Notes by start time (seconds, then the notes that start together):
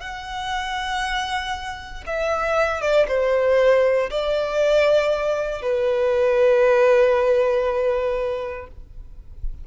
0.00 F#5
2.06 E5
2.81 D5
3.08 C5
4.10 D5
5.62 B4